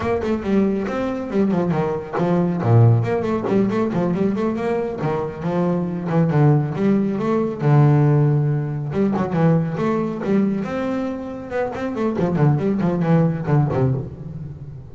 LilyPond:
\new Staff \with { instrumentName = "double bass" } { \time 4/4 \tempo 4 = 138 ais8 a8 g4 c'4 g8 f8 | dis4 f4 ais,4 ais8 a8 | g8 a8 f8 g8 a8 ais4 dis8~ | dis8 f4. e8 d4 g8~ |
g8 a4 d2~ d8~ | d8 g8 fis8 e4 a4 g8~ | g8 c'2 b8 c'8 a8 | f8 d8 g8 f8 e4 d8 c8 | }